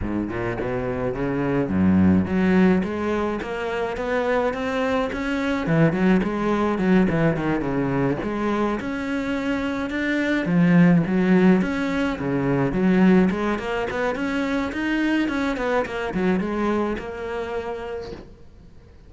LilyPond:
\new Staff \with { instrumentName = "cello" } { \time 4/4 \tempo 4 = 106 gis,8 ais,8 b,4 cis4 fis,4 | fis4 gis4 ais4 b4 | c'4 cis'4 e8 fis8 gis4 | fis8 e8 dis8 cis4 gis4 cis'8~ |
cis'4. d'4 f4 fis8~ | fis8 cis'4 cis4 fis4 gis8 | ais8 b8 cis'4 dis'4 cis'8 b8 | ais8 fis8 gis4 ais2 | }